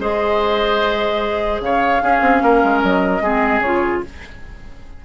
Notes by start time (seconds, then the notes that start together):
0.00 G#3 G#4 C5 D#5
1.61 C#3 C#5 F5
2.02 C#4 G#4
2.22 C4
2.43 A#3 A#4
2.65 G#3
2.82 F#3 D#5
3.21 G#3 C4 G#4
3.60 C#3 F4 C#5